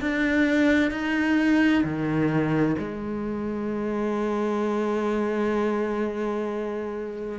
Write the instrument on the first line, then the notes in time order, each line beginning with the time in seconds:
cello
0.00 D4
0.91 D#4
1.84 D#3
2.79 G#3